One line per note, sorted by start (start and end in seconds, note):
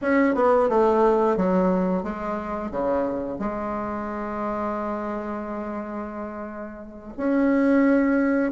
0.01 0.34 C#4
0.34 0.68 B3
0.69 1.36 A3
1.36 2.03 F#3
2.03 2.71 G#3
2.71 3.38 C#3
3.38 7.13 G#3
7.17 8.52 C#4